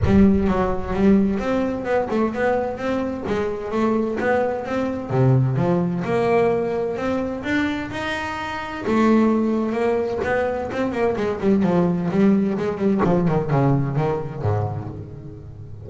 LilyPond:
\new Staff \with { instrumentName = "double bass" } { \time 4/4 \tempo 4 = 129 g4 fis4 g4 c'4 | b8 a8 b4 c'4 gis4 | a4 b4 c'4 c4 | f4 ais2 c'4 |
d'4 dis'2 a4~ | a4 ais4 b4 c'8 ais8 | gis8 g8 f4 g4 gis8 g8 | f8 dis8 cis4 dis4 gis,4 | }